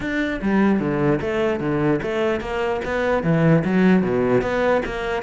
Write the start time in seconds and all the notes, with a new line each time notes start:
0.00 D4
0.41 G3
0.79 D3
1.21 A3
1.60 D3
2.02 A3
2.40 A#3
2.84 B3
3.23 E3
3.64 F#3
4.02 B2
4.41 B3
4.85 A#3